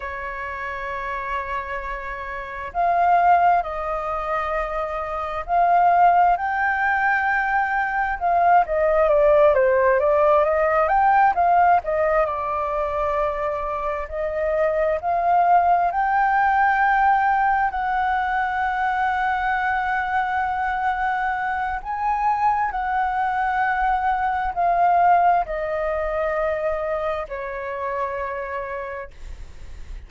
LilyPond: \new Staff \with { instrumentName = "flute" } { \time 4/4 \tempo 4 = 66 cis''2. f''4 | dis''2 f''4 g''4~ | g''4 f''8 dis''8 d''8 c''8 d''8 dis''8 | g''8 f''8 dis''8 d''2 dis''8~ |
dis''8 f''4 g''2 fis''8~ | fis''1 | gis''4 fis''2 f''4 | dis''2 cis''2 | }